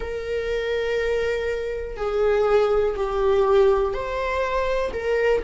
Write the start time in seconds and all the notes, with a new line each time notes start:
0.00 A#4
1.96 G#4
2.96 G4
3.93 C5
4.93 A#4